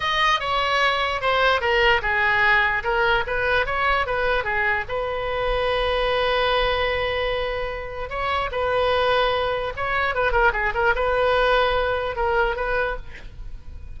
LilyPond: \new Staff \with { instrumentName = "oboe" } { \time 4/4 \tempo 4 = 148 dis''4 cis''2 c''4 | ais'4 gis'2 ais'4 | b'4 cis''4 b'4 gis'4 | b'1~ |
b'1 | cis''4 b'2. | cis''4 b'8 ais'8 gis'8 ais'8 b'4~ | b'2 ais'4 b'4 | }